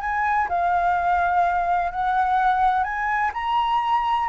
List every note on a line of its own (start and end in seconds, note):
0.00 0.48 G#5
0.48 1.91 F5
1.91 2.83 F#5
2.83 3.31 G#5
3.33 4.28 A#5